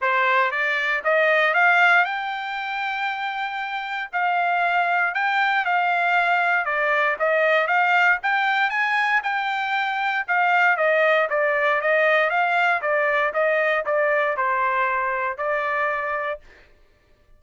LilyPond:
\new Staff \with { instrumentName = "trumpet" } { \time 4/4 \tempo 4 = 117 c''4 d''4 dis''4 f''4 | g''1 | f''2 g''4 f''4~ | f''4 d''4 dis''4 f''4 |
g''4 gis''4 g''2 | f''4 dis''4 d''4 dis''4 | f''4 d''4 dis''4 d''4 | c''2 d''2 | }